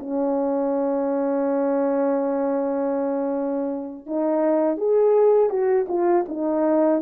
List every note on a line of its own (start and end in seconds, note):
0.00 4.07 C#4
4.07 4.77 D#4
4.77 5.50 G#4
5.50 5.87 F#4
5.89 6.26 F4
6.29 7.03 D#4